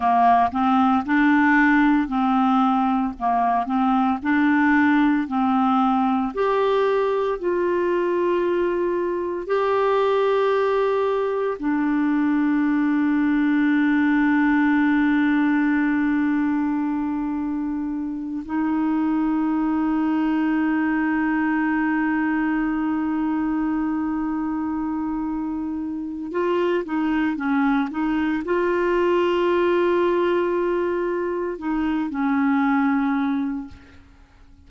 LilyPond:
\new Staff \with { instrumentName = "clarinet" } { \time 4/4 \tempo 4 = 57 ais8 c'8 d'4 c'4 ais8 c'8 | d'4 c'4 g'4 f'4~ | f'4 g'2 d'4~ | d'1~ |
d'4. dis'2~ dis'8~ | dis'1~ | dis'4 f'8 dis'8 cis'8 dis'8 f'4~ | f'2 dis'8 cis'4. | }